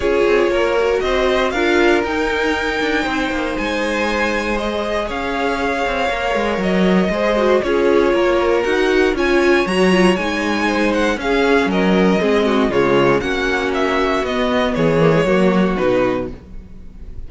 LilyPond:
<<
  \new Staff \with { instrumentName = "violin" } { \time 4/4 \tempo 4 = 118 cis''2 dis''4 f''4 | g''2. gis''4~ | gis''4 dis''4 f''2~ | f''4 dis''2 cis''4~ |
cis''4 fis''4 gis''4 ais''4 | gis''4. fis''8 f''4 dis''4~ | dis''4 cis''4 fis''4 e''4 | dis''4 cis''2 b'4 | }
  \new Staff \with { instrumentName = "violin" } { \time 4/4 gis'4 ais'4 c''4 ais'4~ | ais'2 c''2~ | c''2 cis''2~ | cis''2 c''4 gis'4 |
ais'2 cis''2~ | cis''4 c''4 gis'4 ais'4 | gis'8 fis'8 f'4 fis'2~ | fis'4 gis'4 fis'2 | }
  \new Staff \with { instrumentName = "viola" } { \time 4/4 f'4. fis'4. f'4 | dis'1~ | dis'4 gis'2. | ais'2 gis'8 fis'8 f'4~ |
f'4 fis'4 f'4 fis'8 f'8 | dis'2 cis'2 | c'4 gis4 cis'2 | b4. ais16 gis16 ais4 dis'4 | }
  \new Staff \with { instrumentName = "cello" } { \time 4/4 cis'8 c'8 ais4 c'4 d'4 | dis'4. d'8 c'8 ais8 gis4~ | gis2 cis'4. c'8 | ais8 gis8 fis4 gis4 cis'4 |
ais4 dis'4 cis'4 fis4 | gis2 cis'4 fis4 | gis4 cis4 ais2 | b4 e4 fis4 b,4 | }
>>